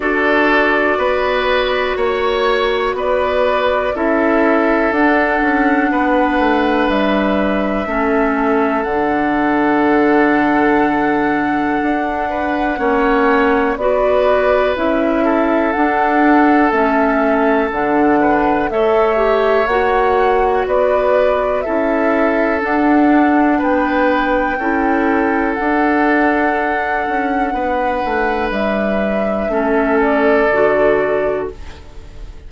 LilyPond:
<<
  \new Staff \with { instrumentName = "flute" } { \time 4/4 \tempo 4 = 61 d''2 cis''4 d''4 | e''4 fis''2 e''4~ | e''4 fis''2.~ | fis''2 d''4 e''4 |
fis''4 e''4 fis''4 e''4 | fis''4 d''4 e''4 fis''4 | g''2 fis''2~ | fis''4 e''4. d''4. | }
  \new Staff \with { instrumentName = "oboe" } { \time 4/4 a'4 b'4 cis''4 b'4 | a'2 b'2 | a'1~ | a'8 b'8 cis''4 b'4. a'8~ |
a'2~ a'8 b'8 cis''4~ | cis''4 b'4 a'2 | b'4 a'2. | b'2 a'2 | }
  \new Staff \with { instrumentName = "clarinet" } { \time 4/4 fis'1 | e'4 d'2. | cis'4 d'2.~ | d'4 cis'4 fis'4 e'4 |
d'4 cis'4 d'4 a'8 g'8 | fis'2 e'4 d'4~ | d'4 e'4 d'2~ | d'2 cis'4 fis'4 | }
  \new Staff \with { instrumentName = "bassoon" } { \time 4/4 d'4 b4 ais4 b4 | cis'4 d'8 cis'8 b8 a8 g4 | a4 d2. | d'4 ais4 b4 cis'4 |
d'4 a4 d4 a4 | ais4 b4 cis'4 d'4 | b4 cis'4 d'4. cis'8 | b8 a8 g4 a4 d4 | }
>>